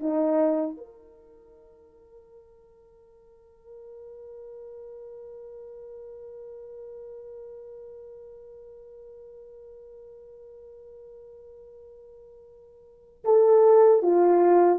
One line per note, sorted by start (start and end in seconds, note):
0.00 0.77 D#4
0.77 13.24 A#4
13.25 14.03 A4
14.03 14.79 F4